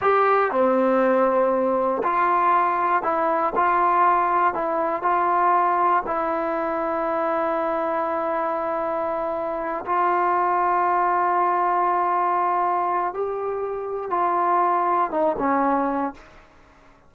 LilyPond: \new Staff \with { instrumentName = "trombone" } { \time 4/4 \tempo 4 = 119 g'4 c'2. | f'2 e'4 f'4~ | f'4 e'4 f'2 | e'1~ |
e'2.~ e'8 f'8~ | f'1~ | f'2 g'2 | f'2 dis'8 cis'4. | }